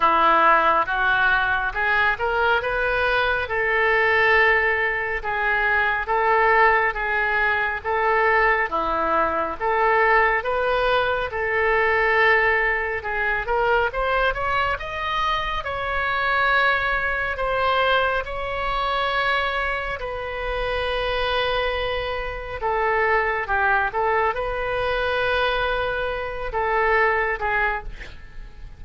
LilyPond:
\new Staff \with { instrumentName = "oboe" } { \time 4/4 \tempo 4 = 69 e'4 fis'4 gis'8 ais'8 b'4 | a'2 gis'4 a'4 | gis'4 a'4 e'4 a'4 | b'4 a'2 gis'8 ais'8 |
c''8 cis''8 dis''4 cis''2 | c''4 cis''2 b'4~ | b'2 a'4 g'8 a'8 | b'2~ b'8 a'4 gis'8 | }